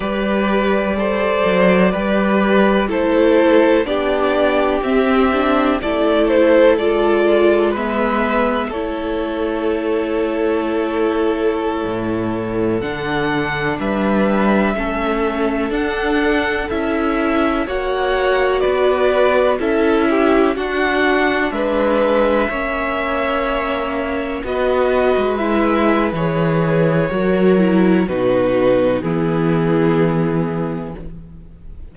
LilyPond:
<<
  \new Staff \with { instrumentName = "violin" } { \time 4/4 \tempo 4 = 62 d''2. c''4 | d''4 e''4 d''8 c''8 d''4 | e''4 cis''2.~ | cis''4~ cis''16 fis''4 e''4.~ e''16~ |
e''16 fis''4 e''4 fis''4 d''8.~ | d''16 e''4 fis''4 e''4.~ e''16~ | e''4~ e''16 dis''4 e''8. cis''4~ | cis''4 b'4 gis'2 | }
  \new Staff \with { instrumentName = "violin" } { \time 4/4 b'4 c''4 b'4 a'4 | g'2 a'2 | b'4 a'2.~ | a'2~ a'16 b'4 a'8.~ |
a'2~ a'16 cis''4 b'8.~ | b'16 a'8 g'8 fis'4 b'4 cis''8.~ | cis''4~ cis''16 b'2~ b'8. | ais'4 fis'4 e'2 | }
  \new Staff \with { instrumentName = "viola" } { \time 4/4 g'4 a'4 g'4 e'4 | d'4 c'8 d'8 e'4 f'4 | b4 e'2.~ | e'4~ e'16 d'2 cis'8.~ |
cis'16 d'4 e'4 fis'4.~ fis'16~ | fis'16 e'4 d'2 cis'8.~ | cis'4~ cis'16 fis'4 e'8. gis'4 | fis'8 e'8 dis'4 b2 | }
  \new Staff \with { instrumentName = "cello" } { \time 4/4 g4. fis8 g4 a4 | b4 c'4 a4 gis4~ | gis4 a2.~ | a16 a,4 d4 g4 a8.~ |
a16 d'4 cis'4 ais4 b8.~ | b16 cis'4 d'4 gis4 ais8.~ | ais4~ ais16 b8. gis4 e4 | fis4 b,4 e2 | }
>>